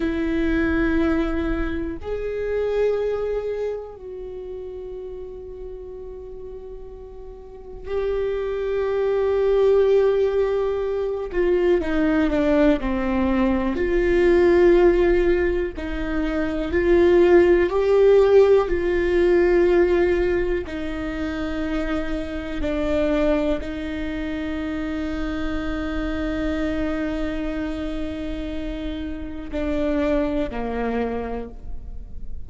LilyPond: \new Staff \with { instrumentName = "viola" } { \time 4/4 \tempo 4 = 61 e'2 gis'2 | fis'1 | g'2.~ g'8 f'8 | dis'8 d'8 c'4 f'2 |
dis'4 f'4 g'4 f'4~ | f'4 dis'2 d'4 | dis'1~ | dis'2 d'4 ais4 | }